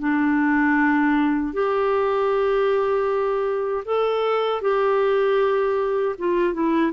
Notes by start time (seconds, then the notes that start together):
0.00 D4
1.53 G4
3.85 A4
4.62 G4
6.19 F4
6.54 E4